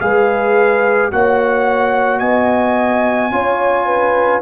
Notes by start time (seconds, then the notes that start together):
0.00 G#3 G#4 B4 F5
1.11 A#3 F#4 C#5 F#5
2.19 B3 D#5 G#5
3.30 C#4 F4 C#5
3.86 B4